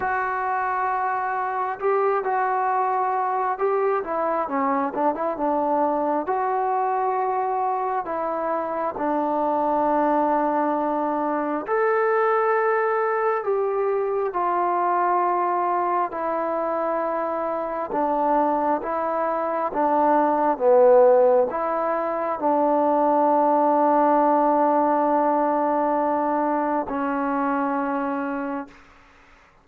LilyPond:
\new Staff \with { instrumentName = "trombone" } { \time 4/4 \tempo 4 = 67 fis'2 g'8 fis'4. | g'8 e'8 cis'8 d'16 e'16 d'4 fis'4~ | fis'4 e'4 d'2~ | d'4 a'2 g'4 |
f'2 e'2 | d'4 e'4 d'4 b4 | e'4 d'2.~ | d'2 cis'2 | }